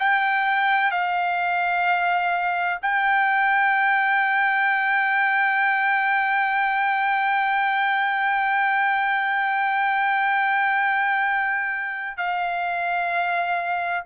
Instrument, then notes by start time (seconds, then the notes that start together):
trumpet
0.00 G5
0.92 F5
2.83 G5
12.17 F5